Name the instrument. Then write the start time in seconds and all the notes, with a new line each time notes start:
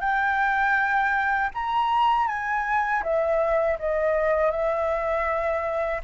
flute
0.00 G5
1.54 A#5
2.27 G#5
3.03 E5
3.79 D#5
4.51 E5